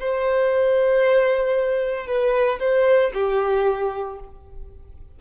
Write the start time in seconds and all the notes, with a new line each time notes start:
0.00 C5
2.07 B4
2.60 C5
3.14 G4